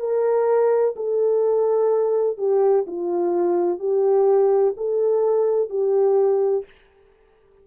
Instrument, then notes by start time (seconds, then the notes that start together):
horn
0.00 A#4
0.96 A4
2.38 G4
2.87 F4
3.80 G4
4.77 A4
5.70 G4